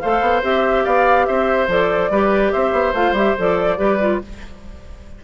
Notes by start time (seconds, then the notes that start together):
0.00 A3 A4 C5 F5
0.21 B3
0.43 C4 G4 E5
0.84 B3 D5 F5
1.26 C4 C5 E5
1.68 F3 A4 D5
2.10 G3 G4 B4
2.52 C4 C5 E5
2.72 B3
2.94 A3 F4 F5
3.12 G3 G4 E5
3.38 F3 A4 D5
3.77 G3 G4 B4
4.00 F4